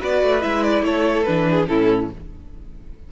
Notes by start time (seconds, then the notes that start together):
0.00 B3 F#4 B4 D5
0.23 A3
0.41 G#3 E4 E5
0.63 D5
0.82 A3 A4 C#5
1.24 E3 D4 B4
1.51 G#4
1.68 A2 C#4 E4 A4